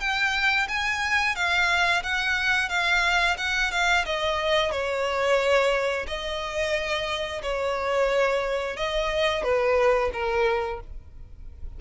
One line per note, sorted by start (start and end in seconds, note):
0.00 0.67 G5
0.68 1.35 G#5
1.35 2.03 F5
2.03 2.69 F#5
2.69 3.36 F5
3.37 3.71 F#5
3.71 4.05 F5
4.05 4.72 D#5
4.72 6.06 C#5
6.07 7.42 D#5
7.42 8.76 C#5
8.76 9.43 D#5
9.43 10.11 B4
10.13 10.80 A#4